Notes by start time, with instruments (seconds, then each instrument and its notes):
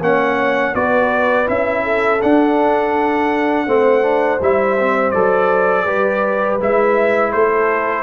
0.00 tuba A#3, trombone C#4, horn C#5, trumpet F#5
0.74 tuba B3, trombone F#4, horn B4, trumpet D5
1.46 tuba C#4, trombone E4, trumpet E5
1.83 horn A4
2.22 tuba D4, trombone D4, trumpet F#5
3.66 tuba A3, trombone C4, horn C5
4.02 trombone D4
4.40 tuba G3, trombone E4, trumpet E5
4.79 trombone C4
5.11 tuba F#3, trombone A4, trumpet D5
5.84 tuba G3, trombone G4, horn B4
6.60 tuba G#3, trombone E4, trumpet E5
7.32 tuba A3, horn A4, trumpet C5